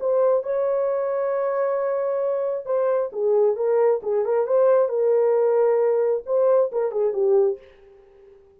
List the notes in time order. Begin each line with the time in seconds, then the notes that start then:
0.00 C5
0.43 C#5
2.65 C5
3.12 G#4
3.56 A#4
4.03 G#4
4.25 A#4
4.47 C5
4.89 A#4
6.26 C5
6.72 A#4
6.91 G#4
7.13 G4